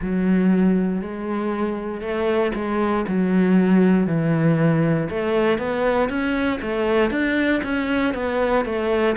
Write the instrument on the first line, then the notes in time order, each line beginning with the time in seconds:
cello
0.01 F#3
1.01 G#3
2.01 A3
2.54 G#3
3.07 F#3
4.07 E3
5.09 A3
5.58 B3
6.09 C#4
6.61 A3
7.10 D4
7.63 C#4
8.14 B3
8.65 A3